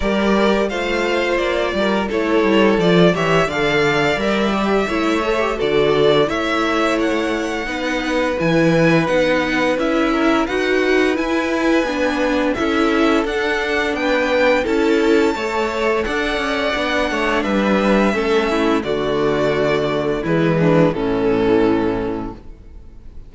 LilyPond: <<
  \new Staff \with { instrumentName = "violin" } { \time 4/4 \tempo 4 = 86 d''4 f''4 d''4 cis''4 | d''8 e''8 f''4 e''2 | d''4 e''4 fis''2 | gis''4 fis''4 e''4 fis''4 |
gis''2 e''4 fis''4 | g''4 a''2 fis''4~ | fis''4 e''2 d''4~ | d''4 b'4 a'2 | }
  \new Staff \with { instrumentName = "violin" } { \time 4/4 ais'4 c''4. ais'8 a'4~ | a'8 cis''8 d''2 cis''4 | a'4 cis''2 b'4~ | b'2~ b'8 ais'8 b'4~ |
b'2 a'2 | b'4 a'4 cis''4 d''4~ | d''8 cis''8 b'4 a'8 e'8 fis'4~ | fis'4 e'8 d'8 cis'2 | }
  \new Staff \with { instrumentName = "viola" } { \time 4/4 g'4 f'2 e'4 | f'8 g'8 a'4 ais'8 g'8 e'8 a'16 g'16 | fis'4 e'2 dis'4 | e'4 dis'4 e'4 fis'4 |
e'4 d'4 e'4 d'4~ | d'4 e'4 a'2 | d'2 cis'4 a4~ | a4 gis4 e2 | }
  \new Staff \with { instrumentName = "cello" } { \time 4/4 g4 a4 ais8 g8 a8 g8 | f8 e8 d4 g4 a4 | d4 a2 b4 | e4 b4 cis'4 dis'4 |
e'4 b4 cis'4 d'4 | b4 cis'4 a4 d'8 cis'8 | b8 a8 g4 a4 d4~ | d4 e4 a,2 | }
>>